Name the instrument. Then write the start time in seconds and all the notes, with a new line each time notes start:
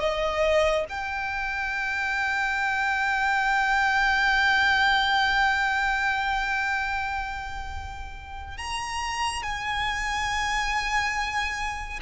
violin
0.00 D#5
0.90 G5
8.58 A#5
9.43 G#5